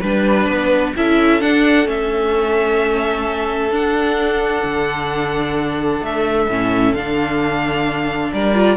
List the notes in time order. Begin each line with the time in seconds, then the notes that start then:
0.00 G3 D4 B4
0.48 B3
0.96 C#4 E4 A4 E5
1.41 D4 F#5
1.86 A3 C#4 E5
3.70 D4 F#5
4.64 D3
6.01 A3 E5
6.48 A2 C#4
6.93 D3 D4 F5
8.33 G3 A#4 D5
8.54 F4